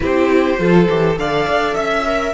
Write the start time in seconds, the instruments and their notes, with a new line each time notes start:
0.00 cello C4, viola E4, violin G4 C5
0.57 cello F3, viola F4, violin A4
0.89 cello E3, viola G4
1.16 cello D3, viola A4, violin D5 F5
1.48 cello D4
1.74 cello C#4, violin E5
2.05 viola A#4